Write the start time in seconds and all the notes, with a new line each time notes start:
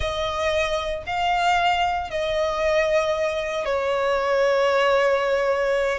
0.00 D#5
1.06 F5
2.10 D#5
3.65 C#5